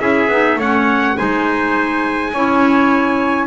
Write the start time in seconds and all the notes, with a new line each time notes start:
0.00 C#4 E4 G#4 E5
0.28 B3 D#4
0.56 A3 C#4 C#5 F#5
1.17 G#3 D#4 C5 G#5
2.33 C#4 E4 C#5